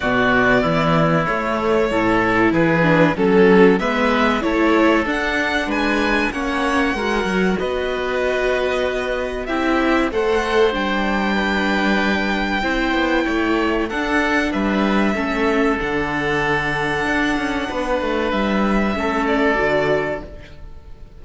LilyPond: <<
  \new Staff \with { instrumentName = "violin" } { \time 4/4 \tempo 4 = 95 d''2 cis''2 | b'4 a'4 e''4 cis''4 | fis''4 gis''4 fis''2 | dis''2. e''4 |
fis''4 g''2.~ | g''2 fis''4 e''4~ | e''4 fis''2.~ | fis''4 e''4. d''4. | }
  \new Staff \with { instrumentName = "oboe" } { \time 4/4 fis'4 e'2 a'4 | gis'4 a'4 b'4 a'4~ | a'4 b'4 cis''4 ais'4 | b'2. g'4 |
c''2 b'2 | c''4 cis''4 a'4 b'4 | a'1 | b'2 a'2 | }
  \new Staff \with { instrumentName = "viola" } { \time 4/4 b2 a4 e'4~ | e'8 d'8 cis'4 b4 e'4 | d'2 cis'4 fis'4~ | fis'2. e'4 |
a'4 d'2. | e'2 d'2 | cis'4 d'2.~ | d'2 cis'4 fis'4 | }
  \new Staff \with { instrumentName = "cello" } { \time 4/4 b,4 e4 a4 a,4 | e4 fis4 gis4 a4 | d'4 gis4 ais4 gis8 fis8 | b2. c'4 |
a4 g2. | c'8 b8 a4 d'4 g4 | a4 d2 d'8 cis'8 | b8 a8 g4 a4 d4 | }
>>